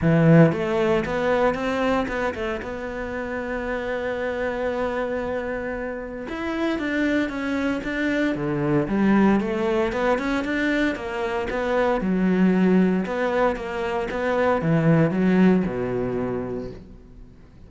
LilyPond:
\new Staff \with { instrumentName = "cello" } { \time 4/4 \tempo 4 = 115 e4 a4 b4 c'4 | b8 a8 b2.~ | b1 | e'4 d'4 cis'4 d'4 |
d4 g4 a4 b8 cis'8 | d'4 ais4 b4 fis4~ | fis4 b4 ais4 b4 | e4 fis4 b,2 | }